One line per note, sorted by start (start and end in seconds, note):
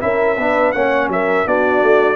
0.00 0.37 C#4
0.00 0.36 E4
0.00 0.39 A#4
0.00 0.72 E5
0.37 0.74 B3
0.37 0.74 D4
0.37 0.75 B4
0.72 1.08 A#3
0.72 1.46 C#4
0.72 1.11 C#5
0.72 1.08 F#5
1.08 1.44 F#3
1.08 1.47 A#4
1.08 1.48 E5
1.46 1.83 B3
1.46 2.16 D4
1.46 2.16 F#4
1.46 2.16 D5
1.83 2.16 A3